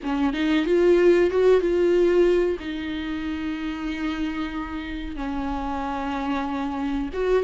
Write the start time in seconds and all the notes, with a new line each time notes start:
0.03 C#4
0.33 D#4
0.65 F4
1.30 F#4
1.60 F4
2.59 D#4
5.16 C#4
7.13 F#4